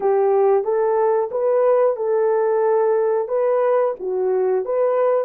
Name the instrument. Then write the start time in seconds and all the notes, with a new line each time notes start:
horn
0.00 G4
0.64 A4
1.31 B4
1.96 A4
3.28 B4
3.99 F#4
4.65 B4